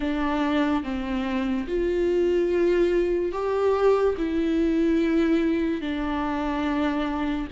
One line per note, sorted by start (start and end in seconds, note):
0.00 0.83 D4
0.83 1.67 C4
1.67 3.32 F4
3.32 4.15 G4
4.17 5.81 E4
5.81 7.47 D4